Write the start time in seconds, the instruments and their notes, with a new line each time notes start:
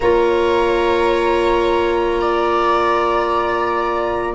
0.00 tuba A#3, clarinet F4, viola C#5, trumpet A#5
2.20 viola D5